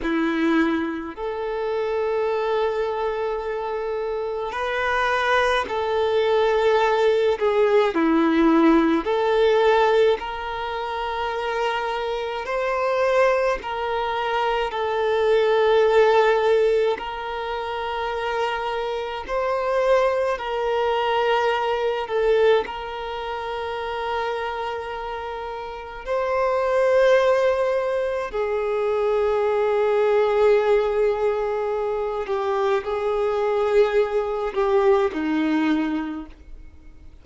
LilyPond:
\new Staff \with { instrumentName = "violin" } { \time 4/4 \tempo 4 = 53 e'4 a'2. | b'4 a'4. gis'8 e'4 | a'4 ais'2 c''4 | ais'4 a'2 ais'4~ |
ais'4 c''4 ais'4. a'8 | ais'2. c''4~ | c''4 gis'2.~ | gis'8 g'8 gis'4. g'8 dis'4 | }